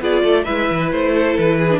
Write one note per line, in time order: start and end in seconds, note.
0.00 0.23 B3
0.00 0.46 F4
0.00 0.23 G#4
0.00 0.44 D5
0.23 0.47 A3
0.23 0.44 A4
0.44 0.70 G#3
0.44 1.70 E4
0.44 1.12 B4
0.44 0.89 E5
0.70 0.92 E3
0.92 1.37 A3
0.92 1.37 C5
1.14 1.58 A4
1.37 1.79 E3
1.37 1.79 B4
1.58 1.79 G#4
1.70 1.79 D4